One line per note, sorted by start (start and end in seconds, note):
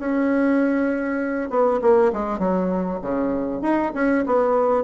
0.00 1.50 C#4
1.50 1.81 B3
1.82 2.12 A#3
2.13 2.39 G#3
2.39 3.00 F#3
3.02 3.62 C#3
3.62 3.93 D#4
3.95 4.25 C#4
4.26 4.84 B3